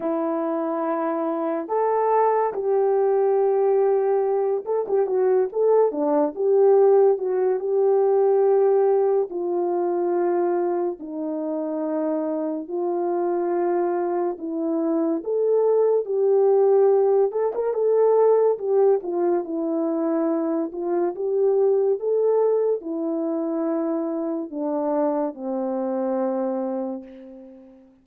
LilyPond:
\new Staff \with { instrumentName = "horn" } { \time 4/4 \tempo 4 = 71 e'2 a'4 g'4~ | g'4. a'16 g'16 fis'8 a'8 d'8 g'8~ | g'8 fis'8 g'2 f'4~ | f'4 dis'2 f'4~ |
f'4 e'4 a'4 g'4~ | g'8 a'16 ais'16 a'4 g'8 f'8 e'4~ | e'8 f'8 g'4 a'4 e'4~ | e'4 d'4 c'2 | }